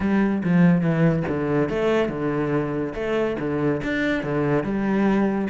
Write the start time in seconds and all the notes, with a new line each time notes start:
0.00 G3
0.43 F3
0.81 E3
1.28 D3
1.69 A3
2.09 D3
2.94 A3
3.39 D3
3.83 D4
4.23 D3
4.63 G3